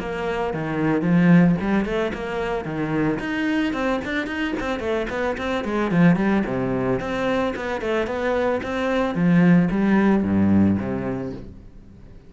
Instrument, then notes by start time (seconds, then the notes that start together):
cello
0.00 A#3
0.54 D#3
1.02 F3
1.61 G3
1.86 A3
2.14 A#3
2.65 D#3
3.19 D#4
3.73 C4
4.05 D4
4.27 D#4
4.60 C4
4.80 A3
5.10 B3
5.38 C4
5.65 G#3
5.91 F3
6.16 G3
6.46 C3
7.00 C4
7.57 B3
7.82 A3
8.07 B3
8.63 C4
9.15 F3
9.71 G3
10.24 G2
10.79 C3